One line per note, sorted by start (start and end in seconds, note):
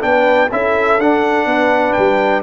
0.00 0.51 B3
0.00 0.48 D4
0.00 0.52 B4
0.00 0.50 G5
0.51 0.98 C#4
0.51 0.99 E4
0.51 1.48 A4
0.51 1.00 E5
0.98 1.45 D4
0.98 2.42 D4
0.98 1.92 F#5
1.45 1.94 B3
1.45 2.42 B4
1.92 2.42 G3
1.92 2.41 G5